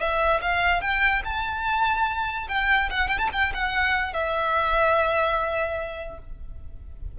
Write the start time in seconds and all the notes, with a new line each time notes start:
0.00 E5
0.42 F5
0.82 G5
1.25 A5
2.49 G5
2.90 F#5
3.09 G5
3.19 A5
3.33 G5
3.55 F#5
4.14 E5